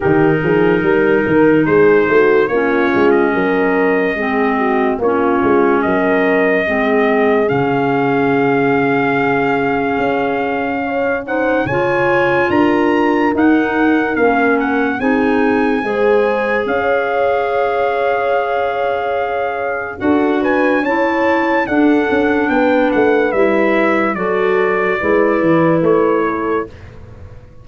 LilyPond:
<<
  \new Staff \with { instrumentName = "trumpet" } { \time 4/4 \tempo 4 = 72 ais'2 c''4 cis''8. dis''16~ | dis''2 cis''4 dis''4~ | dis''4 f''2.~ | f''4. fis''8 gis''4 ais''4 |
fis''4 f''8 fis''8 gis''2 | f''1 | fis''8 gis''8 a''4 fis''4 g''8 fis''8 | e''4 d''2 cis''4 | }
  \new Staff \with { instrumentName = "horn" } { \time 4/4 g'8 gis'8 ais'4 gis'8 fis'8 f'4 | ais'4 gis'8 fis'8 f'4 ais'4 | gis'1~ | gis'4 cis''8 c''8 cis''4 ais'4~ |
ais'2 gis'4 c''4 | cis''1 | a'8 b'8 cis''4 a'4 b'4~ | b'4 a'4 b'4. a'8 | }
  \new Staff \with { instrumentName = "clarinet" } { \time 4/4 dis'2. cis'4~ | cis'4 c'4 cis'2 | c'4 cis'2.~ | cis'4. dis'8 f'2 |
dis'4 cis'4 dis'4 gis'4~ | gis'1 | fis'4 e'4 d'2 | e'4 fis'4 e'2 | }
  \new Staff \with { instrumentName = "tuba" } { \time 4/4 dis8 f8 g8 dis8 gis8 a8 ais8 gis8 | fis4 gis4 ais8 gis8 fis4 | gis4 cis2. | cis'2 cis4 d'4 |
dis'4 ais4 c'4 gis4 | cis'1 | d'4 cis'4 d'8 cis'8 b8 a8 | g4 fis4 gis8 e8 a4 | }
>>